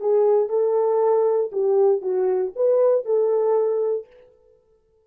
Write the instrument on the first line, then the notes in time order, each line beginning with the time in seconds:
horn
0.00 G#4
0.49 A4
1.52 G4
2.02 F#4
2.56 B4
3.05 A4